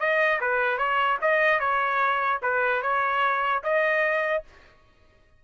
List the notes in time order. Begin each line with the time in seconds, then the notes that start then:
0.00 D#5
0.41 B4
0.78 C#5
1.22 D#5
1.60 C#5
2.43 B4
2.82 C#5
3.64 D#5